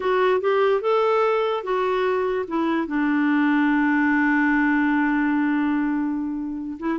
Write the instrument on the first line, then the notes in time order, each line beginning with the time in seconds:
clarinet
0.00 F#4
0.40 G4
0.81 A4
1.63 F#4
2.47 E4
2.87 D4
6.79 E4